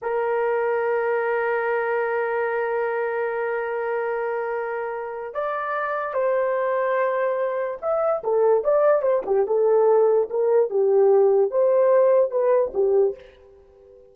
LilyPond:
\new Staff \with { instrumentName = "horn" } { \time 4/4 \tempo 4 = 146 ais'1~ | ais'1~ | ais'1~ | ais'4 d''2 c''4~ |
c''2. e''4 | a'4 d''4 c''8 g'8 a'4~ | a'4 ais'4 g'2 | c''2 b'4 g'4 | }